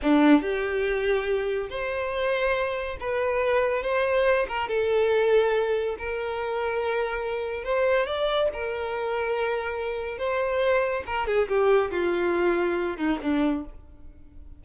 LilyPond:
\new Staff \with { instrumentName = "violin" } { \time 4/4 \tempo 4 = 141 d'4 g'2. | c''2. b'4~ | b'4 c''4. ais'8 a'4~ | a'2 ais'2~ |
ais'2 c''4 d''4 | ais'1 | c''2 ais'8 gis'8 g'4 | f'2~ f'8 dis'8 d'4 | }